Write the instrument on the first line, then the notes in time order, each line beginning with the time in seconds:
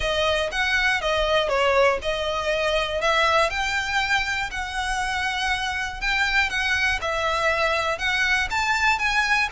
violin
0.00 D#5
0.51 F#5
1.01 D#5
1.49 C#5
2.02 D#5
3.01 E5
3.50 G5
4.50 F#5
6.00 G5
6.49 F#5
7.01 E5
7.98 F#5
8.50 A5
8.98 G#5